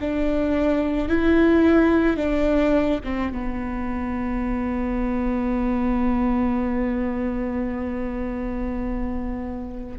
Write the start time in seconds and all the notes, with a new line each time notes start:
0.00 D4
1.08 E4
2.17 D4
3.04 C4
3.32 B3